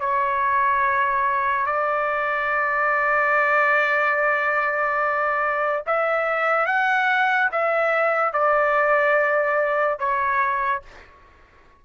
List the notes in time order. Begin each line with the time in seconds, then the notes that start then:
0.00 C#5
1.66 D5
5.86 E5
6.66 F#5
7.52 E5
8.33 D5
9.98 C#5